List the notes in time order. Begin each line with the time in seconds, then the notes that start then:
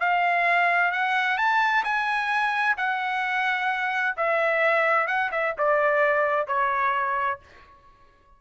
0.00 F5
0.92 F#5
1.38 A5
1.84 G#5
2.77 F#5
4.17 E5
5.07 F#5
5.32 E5
5.58 D5
6.47 C#5